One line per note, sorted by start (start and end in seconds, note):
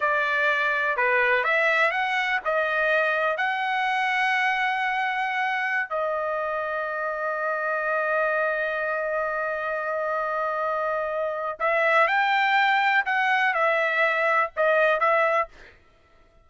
0.00 0.97 D5
0.97 1.44 B4
1.44 1.91 E5
1.91 2.39 F#5
2.44 3.37 D#5
3.37 5.89 F#5
5.89 11.58 D#5
11.59 12.07 E5
12.07 13.04 G5
13.05 13.54 F#5
13.54 14.50 E5
14.56 15.00 D#5
15.00 15.48 E5